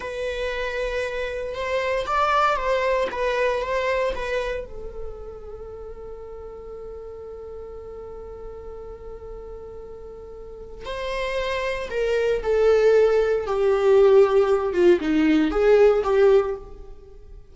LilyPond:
\new Staff \with { instrumentName = "viola" } { \time 4/4 \tempo 4 = 116 b'2. c''4 | d''4 c''4 b'4 c''4 | b'4 a'2.~ | a'1~ |
a'1~ | a'4 c''2 ais'4 | a'2 g'2~ | g'8 f'8 dis'4 gis'4 g'4 | }